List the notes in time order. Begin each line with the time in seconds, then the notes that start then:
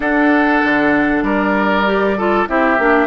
0.00 D4 A4 F#5
0.64 D3
1.22 G3 A#4 D5
1.85 G4
2.17 F4 A4
2.47 C4 E4 G4 E5
2.78 A#3 D4